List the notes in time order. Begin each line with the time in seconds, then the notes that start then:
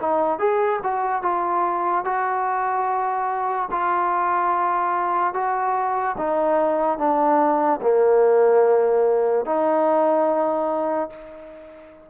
0.00 D#4
0.39 G#4
0.83 F#4
1.23 F4
2.05 F#4
3.71 F4
5.34 F#4
6.18 D#4
6.98 D4
7.82 A#3
9.46 D#4